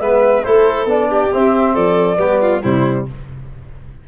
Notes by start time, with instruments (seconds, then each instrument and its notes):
0.00 tuba G#3, trombone B3, violin B4, flute E5
0.44 tuba A3, trombone E4, violin A4, flute C5
0.86 tuba B3, trombone D4, flute D5
1.09 violin G4
1.32 trombone C4, tuba C4, flute E5
1.74 tuba F3, violin A4, flute D5
2.17 tuba G3, trombone B3, violin G4
2.41 violin F4
2.63 tuba C3, trombone G3, violin E4, flute C5